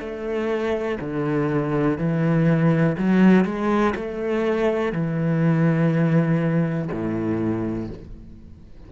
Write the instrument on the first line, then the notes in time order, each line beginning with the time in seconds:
cello
0.00 A3
1.00 D3
1.98 E3
2.98 F#3
3.45 G#3
3.95 A3
4.92 E3
6.91 A2